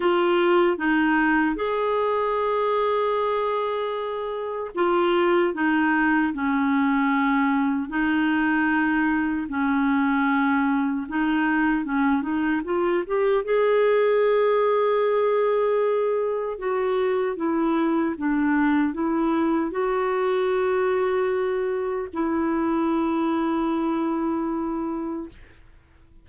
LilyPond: \new Staff \with { instrumentName = "clarinet" } { \time 4/4 \tempo 4 = 76 f'4 dis'4 gis'2~ | gis'2 f'4 dis'4 | cis'2 dis'2 | cis'2 dis'4 cis'8 dis'8 |
f'8 g'8 gis'2.~ | gis'4 fis'4 e'4 d'4 | e'4 fis'2. | e'1 | }